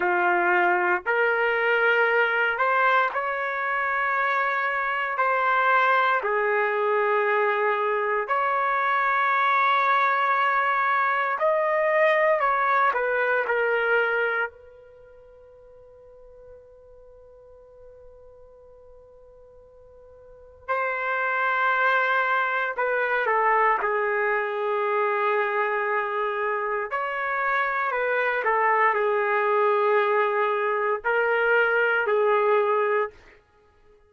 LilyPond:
\new Staff \with { instrumentName = "trumpet" } { \time 4/4 \tempo 4 = 58 f'4 ais'4. c''8 cis''4~ | cis''4 c''4 gis'2 | cis''2. dis''4 | cis''8 b'8 ais'4 b'2~ |
b'1 | c''2 b'8 a'8 gis'4~ | gis'2 cis''4 b'8 a'8 | gis'2 ais'4 gis'4 | }